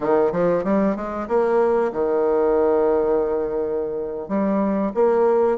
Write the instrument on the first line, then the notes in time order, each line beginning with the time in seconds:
bassoon
0.00 D#3
0.32 F3
0.64 G3
0.95 G#3
1.28 A#3
1.92 D#3
4.28 G3
4.94 A#3